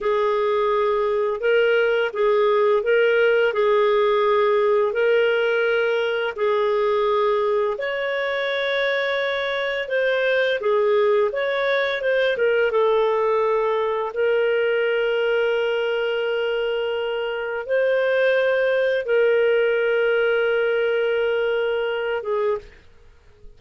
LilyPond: \new Staff \with { instrumentName = "clarinet" } { \time 4/4 \tempo 4 = 85 gis'2 ais'4 gis'4 | ais'4 gis'2 ais'4~ | ais'4 gis'2 cis''4~ | cis''2 c''4 gis'4 |
cis''4 c''8 ais'8 a'2 | ais'1~ | ais'4 c''2 ais'4~ | ais'2.~ ais'8 gis'8 | }